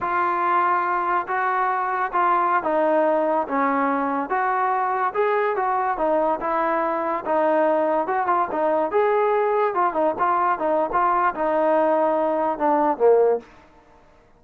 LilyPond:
\new Staff \with { instrumentName = "trombone" } { \time 4/4 \tempo 4 = 143 f'2. fis'4~ | fis'4 f'4~ f'16 dis'4.~ dis'16~ | dis'16 cis'2 fis'4.~ fis'16~ | fis'16 gis'4 fis'4 dis'4 e'8.~ |
e'4~ e'16 dis'2 fis'8 f'16~ | f'16 dis'4 gis'2 f'8 dis'16~ | dis'16 f'4 dis'8. f'4 dis'4~ | dis'2 d'4 ais4 | }